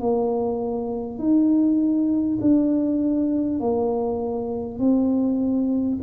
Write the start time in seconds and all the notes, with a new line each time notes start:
0.00 A#3
1.18 D#4
2.41 D4
3.60 A#3
4.79 C4